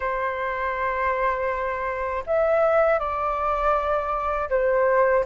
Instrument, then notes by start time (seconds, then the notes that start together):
flute
0.00 C5
2.26 E5
2.99 D5
4.49 C5